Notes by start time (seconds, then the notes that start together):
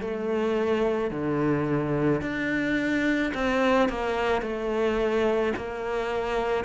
0.00 A3
1.10 D3
2.21 D4
3.34 C4
3.88 A#3
4.41 A3
5.56 A#3